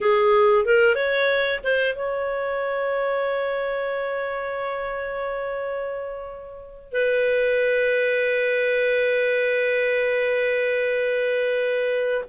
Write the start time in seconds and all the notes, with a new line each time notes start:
0.00 G#4
0.65 A#4
0.95 C#5
1.63 C5
1.95 C#5
6.92 B4